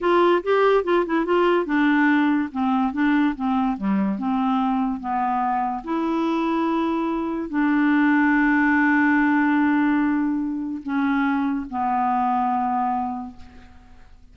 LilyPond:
\new Staff \with { instrumentName = "clarinet" } { \time 4/4 \tempo 4 = 144 f'4 g'4 f'8 e'8 f'4 | d'2 c'4 d'4 | c'4 g4 c'2 | b2 e'2~ |
e'2 d'2~ | d'1~ | d'2 cis'2 | b1 | }